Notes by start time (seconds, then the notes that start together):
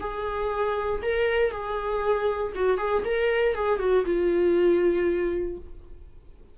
0.00 G#4
1.02 A#4
1.51 G#4
2.55 F#4
2.78 G#4
3.05 A#4
3.55 G#4
3.79 F#4
4.05 F4